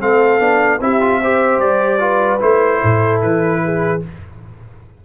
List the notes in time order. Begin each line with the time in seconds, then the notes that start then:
0.00 A3 C4 A4 F5
0.40 B3 D4
0.80 C4 E4 G4 E5
1.01 F4
1.21 G4 C5
1.59 G3 D5
1.99 F4 B4
2.40 A3 E4 C5
2.83 A2 A4
3.22 E3 B4
3.65 G#4